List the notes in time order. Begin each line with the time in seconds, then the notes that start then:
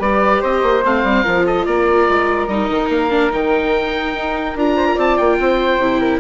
0.00 G3 G4 B4 D5
0.41 C4 C5 D#5
0.63 A#3
0.85 A3 C4 F5
1.04 G3
1.23 F3 F4 A#4
1.46 A4 D#5
1.66 A#3 A#4 D5
2.09 G#3
2.48 G3 D#4 D#5
2.70 D#3
2.89 A#3 F5
3.11 D4
3.31 D#3 D#4 G5
4.14 D#4
4.56 D4 F4 A#5
4.77 C5
4.87 A#4
4.95 C4 D5 A5
5.17 A#3 G5
5.40 C4 C5
5.78 C3 E4
6.00 A#4